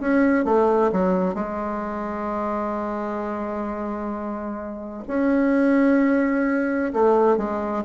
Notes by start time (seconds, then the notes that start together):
0.00 C#4
0.45 A3
0.92 F#3
1.35 G#3
5.08 C#4
6.94 A3
7.38 G#3